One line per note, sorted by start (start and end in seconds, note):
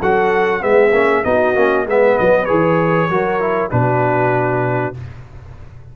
0.00 0.64 F#3
0.00 0.61 F#4
0.00 0.62 A4
0.00 0.63 F#5
0.61 0.93 G#3
0.61 0.92 B3
0.61 1.26 G#4
0.61 1.24 E5
0.93 1.24 A#3
0.93 1.24 C#4
1.24 1.56 B3
1.24 1.55 D#4
1.24 1.87 F#4
1.24 1.86 D#5
1.55 1.87 A#3
1.55 1.86 C#4
1.87 2.18 G#3
1.87 2.48 B3
1.87 3.11 B4
1.87 2.18 E5
2.18 2.50 F#3
2.18 2.45 D#5
2.45 3.10 E3
2.45 3.09 G#4
2.45 3.69 C#5
3.10 3.72 F#3
3.10 3.40 F#4
3.10 3.72 A#4
3.40 3.71 E4
3.71 4.96 B2
3.71 4.94 D4
3.71 4.96 F#4
3.71 4.95 B4